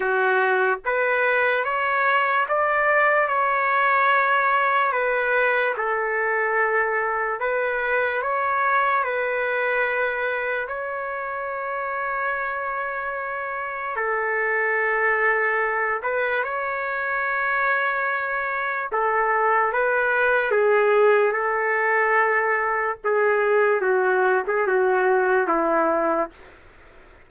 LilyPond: \new Staff \with { instrumentName = "trumpet" } { \time 4/4 \tempo 4 = 73 fis'4 b'4 cis''4 d''4 | cis''2 b'4 a'4~ | a'4 b'4 cis''4 b'4~ | b'4 cis''2.~ |
cis''4 a'2~ a'8 b'8 | cis''2. a'4 | b'4 gis'4 a'2 | gis'4 fis'8. gis'16 fis'4 e'4 | }